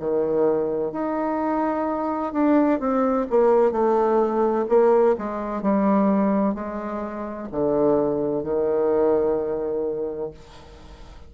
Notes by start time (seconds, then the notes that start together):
0.00 D#3
0.92 D#4
2.33 D4
2.80 C4
3.30 A#3
3.72 A3
4.69 A#3
5.19 G#3
5.62 G3
6.55 G#3
7.52 D3
8.44 D#3